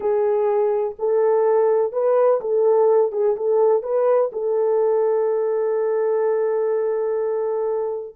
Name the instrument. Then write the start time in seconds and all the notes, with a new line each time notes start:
horn
0.00 G#4
0.98 A4
1.92 B4
2.40 A4
3.12 G#4
3.36 A4
3.83 B4
4.32 A4